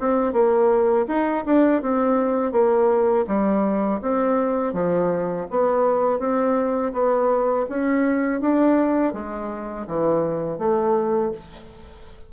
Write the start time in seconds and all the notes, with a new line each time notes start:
0.00 C4
0.33 A#3
1.08 D#4
1.45 D4
1.82 C4
2.52 A#3
3.27 G3
4.02 C4
4.73 F3
5.50 B3
6.19 C4
6.93 B3
7.69 C#4
8.41 D4
9.13 G#3
9.87 E3
10.59 A3